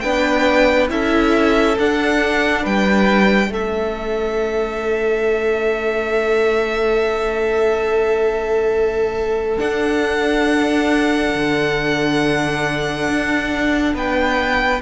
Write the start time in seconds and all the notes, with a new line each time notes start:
0.00 B3 D4 B4 G5
0.88 C#4 E4 A4 E5
1.78 D4 F#5
2.62 G3 B4 G5
3.49 A3 C#4 A4 E5
9.58 D4 F#5
11.34 D3
13.08 D4
13.94 B3 B4 G5